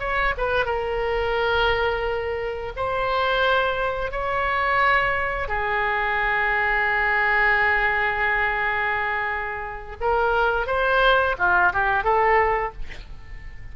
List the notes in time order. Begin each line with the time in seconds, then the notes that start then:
0.00 C#5
0.38 B4
0.66 A#4
2.76 C5
4.12 C#5
5.49 G#4
10.01 A#4
10.67 C5
11.38 F4
11.73 G4
12.04 A4